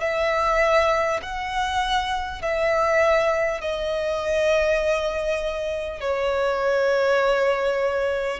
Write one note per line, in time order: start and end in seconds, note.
0.00 1.20 E5
1.22 2.42 F#5
2.42 3.61 E5
3.61 6.00 D#5
6.00 8.39 C#5